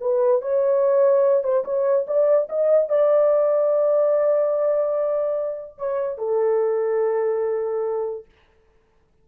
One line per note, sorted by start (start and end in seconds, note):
0.00 0.41 B4
0.42 1.43 C#5
1.43 1.64 C5
1.64 2.06 C#5
2.07 2.48 D5
2.49 2.89 D#5
2.89 5.78 D5
5.78 6.18 C#5
6.18 8.25 A4